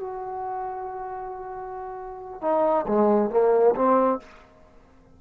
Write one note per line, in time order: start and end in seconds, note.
0.00 2.42 F#4
2.42 2.86 D#4
2.88 3.30 G#3
3.30 3.75 A#3
3.75 4.20 C4